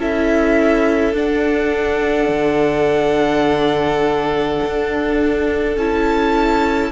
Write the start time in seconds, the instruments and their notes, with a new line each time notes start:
0.00 cello C#4, viola E4, violin A4 E5
1.14 cello D4, viola D4, violin F#5
2.29 cello D3
4.66 cello D4
5.77 cello C#4, viola E4, violin A5